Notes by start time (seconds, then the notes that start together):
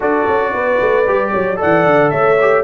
0.00 D4 F#4 A4 D5
0.27 C#4
0.53 B3 B4
0.81 A3
1.07 G3 G4
1.31 F#3 C#5
1.56 A4 D5 F#5
1.62 E3
1.86 D3
2.10 A3 C#5 E5
2.40 G4